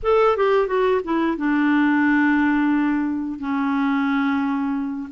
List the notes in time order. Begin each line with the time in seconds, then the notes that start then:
0.02 A4
0.37 G4
0.67 F#4
1.04 E4
1.37 D4
3.39 C#4